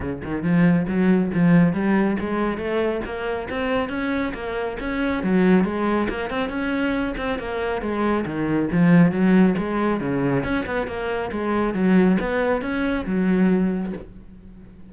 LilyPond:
\new Staff \with { instrumentName = "cello" } { \time 4/4 \tempo 4 = 138 cis8 dis8 f4 fis4 f4 | g4 gis4 a4 ais4 | c'4 cis'4 ais4 cis'4 | fis4 gis4 ais8 c'8 cis'4~ |
cis'8 c'8 ais4 gis4 dis4 | f4 fis4 gis4 cis4 | cis'8 b8 ais4 gis4 fis4 | b4 cis'4 fis2 | }